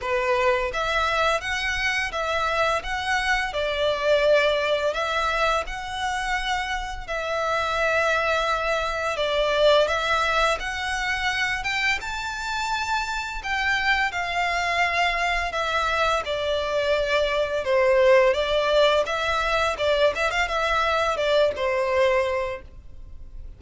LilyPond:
\new Staff \with { instrumentName = "violin" } { \time 4/4 \tempo 4 = 85 b'4 e''4 fis''4 e''4 | fis''4 d''2 e''4 | fis''2 e''2~ | e''4 d''4 e''4 fis''4~ |
fis''8 g''8 a''2 g''4 | f''2 e''4 d''4~ | d''4 c''4 d''4 e''4 | d''8 e''16 f''16 e''4 d''8 c''4. | }